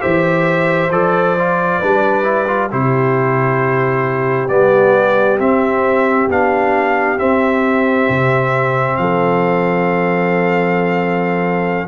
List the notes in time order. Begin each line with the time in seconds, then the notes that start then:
0.00 E3 G4 C5 E5
0.90 F3 A4 D5
1.38 F4
1.79 G3 D4 B4
2.23 E4
2.47 F4
2.71 C3 E4 G4 C5
4.49 G3 B3 D5
5.39 C4 E5
6.29 B3 D4 F5
7.18 C4 E5
8.09 C3
8.96 F3 A4 F5